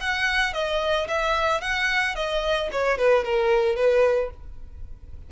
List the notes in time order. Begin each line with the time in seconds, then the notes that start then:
0.00 F#5
0.53 D#5
1.08 E5
1.61 F#5
2.15 D#5
2.71 C#5
2.98 B4
3.24 A#4
3.76 B4